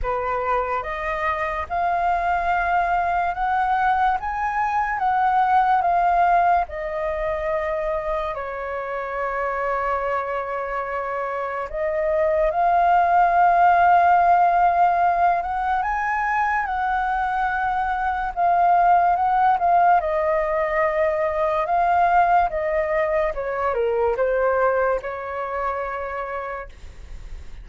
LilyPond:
\new Staff \with { instrumentName = "flute" } { \time 4/4 \tempo 4 = 72 b'4 dis''4 f''2 | fis''4 gis''4 fis''4 f''4 | dis''2 cis''2~ | cis''2 dis''4 f''4~ |
f''2~ f''8 fis''8 gis''4 | fis''2 f''4 fis''8 f''8 | dis''2 f''4 dis''4 | cis''8 ais'8 c''4 cis''2 | }